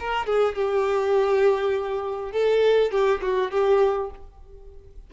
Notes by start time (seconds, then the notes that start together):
0.00 A#4
0.26 G#4
0.55 G4
2.32 A4
2.91 G4
3.22 F#4
3.51 G4